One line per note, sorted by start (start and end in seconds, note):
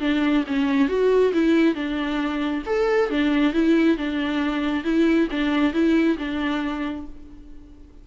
0.00 0.44 D4
0.47 0.88 C#4
0.88 1.33 F#4
1.33 1.74 E4
1.74 2.63 D4
2.66 3.10 A4
3.10 3.53 D4
3.53 3.97 E4
3.97 4.84 D4
4.84 5.28 E4
5.31 5.73 D4
5.73 6.17 E4
6.18 7.06 D4